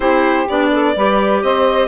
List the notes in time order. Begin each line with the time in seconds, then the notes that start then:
0.00 C4 E4 G4 C5
0.48 B3 D4 D5
0.71 A4
0.95 G3 G4 B4
1.42 C4 C5 D#5